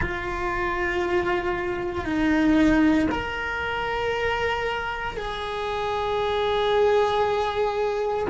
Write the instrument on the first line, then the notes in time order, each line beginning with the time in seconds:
cello
0.01 F4
2.04 D#4
3.11 A#4
5.17 G#4